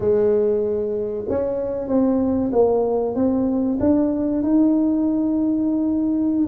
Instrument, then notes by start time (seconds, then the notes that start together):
tuba
0.00 G#3
1.28 C#4
1.88 C4
2.52 A#3
3.15 C4
3.80 D4
4.42 D#4